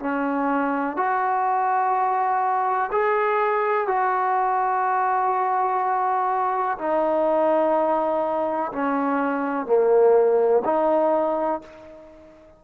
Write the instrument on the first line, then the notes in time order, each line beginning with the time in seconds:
trombone
0.00 C#4
0.97 F#4
2.92 G#4
3.88 F#4
6.79 D#4
8.73 C#4
9.66 A#3
10.65 D#4